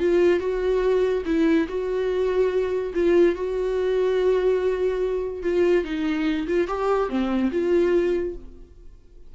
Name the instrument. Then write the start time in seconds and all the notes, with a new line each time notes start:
viola
0.00 F4
0.40 F#4
1.26 E4
1.68 F#4
2.94 F4
3.35 F#4
5.43 F4
5.85 D#4
6.47 F4
6.68 G4
7.09 C4
7.52 F4